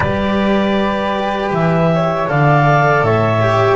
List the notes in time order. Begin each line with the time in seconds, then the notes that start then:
0.00 G3 G4 B4 D5
1.51 E3 E5
1.94 C#5
2.27 D3 A4 D5 F5
3.02 A2 C#5 E5
3.41 G4